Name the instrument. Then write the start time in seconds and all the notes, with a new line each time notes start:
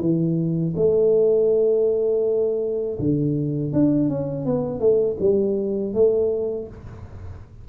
tuba
0.00 E3
0.76 A3
2.99 D3
3.73 D4
4.09 C#4
4.45 B3
4.79 A3
5.20 G3
5.94 A3